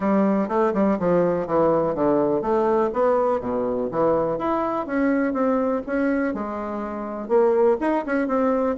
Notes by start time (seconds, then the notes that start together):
0.00 G3
0.48 A3
0.73 G3
0.99 F3
1.46 E3
1.94 D3
2.41 A3
2.93 B3
3.40 B2
3.91 E3
4.38 E4
4.86 C#4
5.33 C4
5.86 C#4
6.34 G#3
7.28 A#3
7.80 D#4
8.06 C#4
8.27 C4